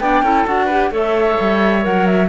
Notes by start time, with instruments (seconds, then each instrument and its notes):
0.00 cello B3, clarinet D4, oboe D5, flute G5
0.22 cello C#4, clarinet E4, oboe A4
0.46 cello D4, clarinet F#4, flute F#5
0.66 clarinet G4, oboe B4
0.91 cello A3, clarinet A4, oboe C#5, flute E5
1.41 cello G3
1.82 cello F#3, clarinet A#4, flute F#5
2.06 flute E5